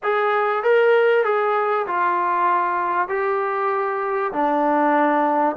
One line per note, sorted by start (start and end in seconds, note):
0.03 0.63 G#4
0.63 1.24 A#4
1.24 1.86 G#4
1.86 3.08 F4
3.08 4.32 G4
4.32 5.56 D4